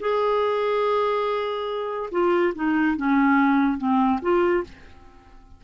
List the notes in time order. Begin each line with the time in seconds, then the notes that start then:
0.00 G#4
2.12 F4
2.55 D#4
2.97 C#4
3.78 C4
4.22 F4